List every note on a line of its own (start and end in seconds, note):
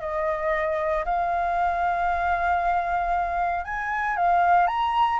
0.00 1.04 D#5
1.05 3.64 F5
3.64 4.16 G#5
4.16 4.67 F5
4.67 5.19 A#5